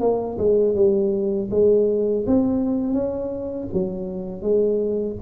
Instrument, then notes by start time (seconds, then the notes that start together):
tuba
0.00 A#3
0.38 G#3
0.75 G3
1.51 G#3
2.26 C4
2.93 C#4
3.73 F#3
4.41 G#3